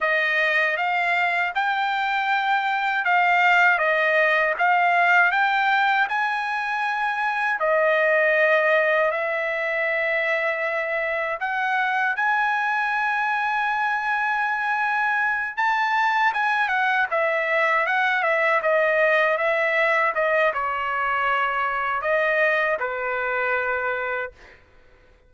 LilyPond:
\new Staff \with { instrumentName = "trumpet" } { \time 4/4 \tempo 4 = 79 dis''4 f''4 g''2 | f''4 dis''4 f''4 g''4 | gis''2 dis''2 | e''2. fis''4 |
gis''1~ | gis''8 a''4 gis''8 fis''8 e''4 fis''8 | e''8 dis''4 e''4 dis''8 cis''4~ | cis''4 dis''4 b'2 | }